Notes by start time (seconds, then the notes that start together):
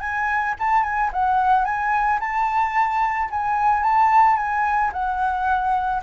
0.00 G#5
0.59 A5
0.83 G#5
1.13 F#5
1.65 G#5
2.20 A5
3.30 G#5
3.83 A5
4.36 G#5
4.93 F#5